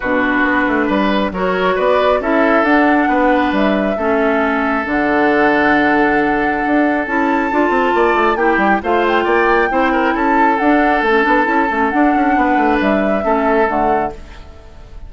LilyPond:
<<
  \new Staff \with { instrumentName = "flute" } { \time 4/4 \tempo 4 = 136 b'2. cis''4 | d''4 e''4 fis''2 | e''2. fis''4~ | fis''1 |
a''2. g''4 | f''8 g''2~ g''8 a''4 | fis''4 a''2 fis''4~ | fis''4 e''2 fis''4 | }
  \new Staff \with { instrumentName = "oboe" } { \time 4/4 fis'2 b'4 ais'4 | b'4 a'2 b'4~ | b'4 a'2.~ | a'1~ |
a'2 d''4 g'4 | c''4 d''4 c''8 ais'8 a'4~ | a'1 | b'2 a'2 | }
  \new Staff \with { instrumentName = "clarinet" } { \time 4/4 d'2. fis'4~ | fis'4 e'4 d'2~ | d'4 cis'2 d'4~ | d'1 |
e'4 f'2 e'4 | f'2 e'2 | d'4 cis'8 d'8 e'8 cis'8 d'4~ | d'2 cis'4 a4 | }
  \new Staff \with { instrumentName = "bassoon" } { \time 4/4 b,4 b8 a8 g4 fis4 | b4 cis'4 d'4 b4 | g4 a2 d4~ | d2. d'4 |
cis'4 d'8 c'8 ais8 a8 ais8 g8 | a4 ais4 c'4 cis'4 | d'4 a8 b8 cis'8 a8 d'8 cis'8 | b8 a8 g4 a4 d4 | }
>>